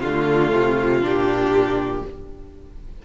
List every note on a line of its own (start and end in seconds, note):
0.00 0.52 D3
0.00 1.02 A3
0.00 1.00 F4
0.00 2.02 F4
0.52 1.01 C3
1.01 2.01 A#2
1.01 2.02 D4
1.01 2.05 G4